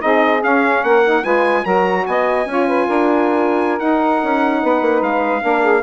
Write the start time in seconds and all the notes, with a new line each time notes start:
0.00 C4 D#4 G#4 D#5
0.43 C#4 F5
0.84 A#3 A#4 F#5
1.05 D#4
1.24 G#3 F4 B4 G#5
1.64 F#3 F#4 A#4 A#5
2.07 B3 D#5 G#5
2.46 C#4 F4 C#5
2.68 B4
2.88 D4 A#4
3.78 D#4 F#5
4.24 C#4
4.62 B3 B4
4.82 A#3
5.02 G#3 F5
5.41 A#3 D4 A#4
5.62 G#4